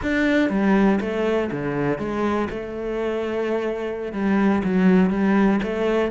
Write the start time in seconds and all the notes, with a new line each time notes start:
0.02 D4
0.49 G3
1.00 A3
1.51 D3
1.98 G#3
2.50 A3
4.12 G3
4.64 F#3
5.10 G3
5.62 A3